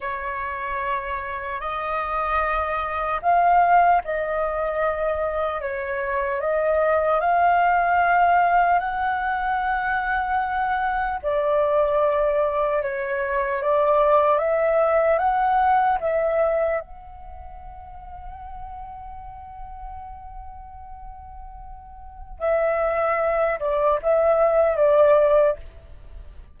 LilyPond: \new Staff \with { instrumentName = "flute" } { \time 4/4 \tempo 4 = 75 cis''2 dis''2 | f''4 dis''2 cis''4 | dis''4 f''2 fis''4~ | fis''2 d''2 |
cis''4 d''4 e''4 fis''4 | e''4 fis''2.~ | fis''1 | e''4. d''8 e''4 d''4 | }